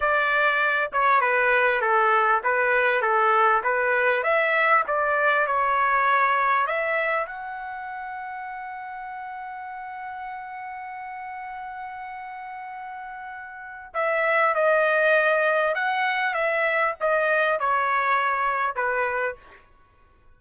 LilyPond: \new Staff \with { instrumentName = "trumpet" } { \time 4/4 \tempo 4 = 99 d''4. cis''8 b'4 a'4 | b'4 a'4 b'4 e''4 | d''4 cis''2 e''4 | fis''1~ |
fis''1~ | fis''2. e''4 | dis''2 fis''4 e''4 | dis''4 cis''2 b'4 | }